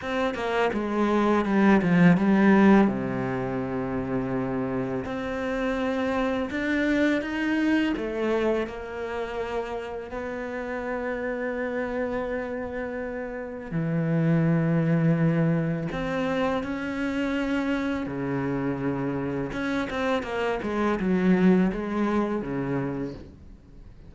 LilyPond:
\new Staff \with { instrumentName = "cello" } { \time 4/4 \tempo 4 = 83 c'8 ais8 gis4 g8 f8 g4 | c2. c'4~ | c'4 d'4 dis'4 a4 | ais2 b2~ |
b2. e4~ | e2 c'4 cis'4~ | cis'4 cis2 cis'8 c'8 | ais8 gis8 fis4 gis4 cis4 | }